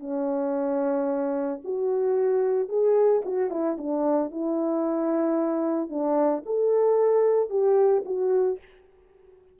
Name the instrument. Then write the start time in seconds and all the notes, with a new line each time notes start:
horn
0.00 C#4
1.65 F#4
2.69 G#4
3.25 F#4
3.50 E4
3.78 D4
4.31 E4
5.89 D4
6.46 A4
7.50 G4
8.05 F#4